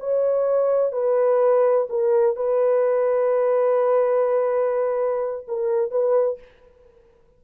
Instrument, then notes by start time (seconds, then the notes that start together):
horn
0.00 C#5
0.92 B4
1.90 A#4
2.37 B4
5.48 A#4
5.91 B4